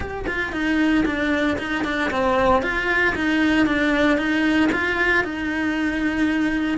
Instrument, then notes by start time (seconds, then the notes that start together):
cello
0.00 G4
0.27 F4
0.52 D#4
1.05 D4
1.58 D#4
1.84 D4
2.10 C4
2.62 F4
3.15 D#4
3.66 D4
4.17 D#4
4.71 F4
5.24 D#4